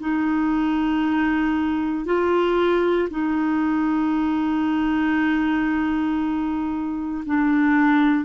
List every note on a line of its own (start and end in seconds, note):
0.00 2.05 D#4
2.05 3.09 F4
3.10 7.24 D#4
7.26 8.25 D4